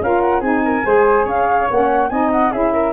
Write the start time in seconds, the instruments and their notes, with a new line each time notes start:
0.00 tuba C#4, saxophone F4, flute A#4 F5
0.21 flute F#5
0.40 tuba C4, saxophone D#4, flute G#4 G#5
0.65 flute A#4
0.83 tuba G#3, saxophone G#4, flute C5
1.25 tuba C#4, flute C#5 F5
1.70 tuba A#3, saxophone C#4, flute F#5
2.09 tuba C4, saxophone D#4, flute D#5 G#5
2.32 flute F#5
2.51 tuba C#4, saxophone E4, flute G#4 E5
2.73 flute A#4